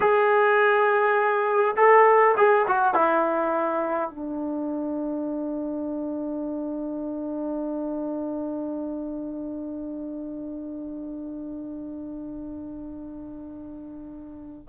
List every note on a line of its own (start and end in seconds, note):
0.00 1.75 G#4
1.76 2.35 A4
2.37 2.66 G#4
2.67 2.94 F#4
2.94 4.10 E4
4.10 14.68 D4